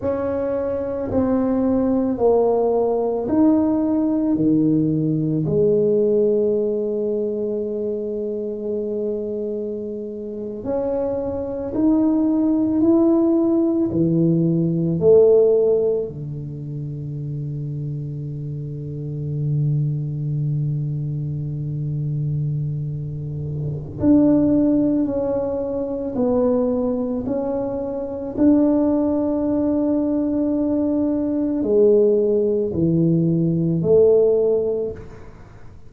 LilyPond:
\new Staff \with { instrumentName = "tuba" } { \time 4/4 \tempo 4 = 55 cis'4 c'4 ais4 dis'4 | dis4 gis2.~ | gis4.~ gis16 cis'4 dis'4 e'16~ | e'8. e4 a4 d4~ d16~ |
d1~ | d2 d'4 cis'4 | b4 cis'4 d'2~ | d'4 gis4 e4 a4 | }